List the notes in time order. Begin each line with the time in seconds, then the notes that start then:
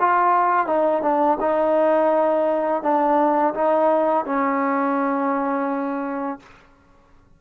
0.00 F4
0.67 D#4
1.02 D4
1.40 D#4
2.83 D4
3.55 D#4
4.25 C#4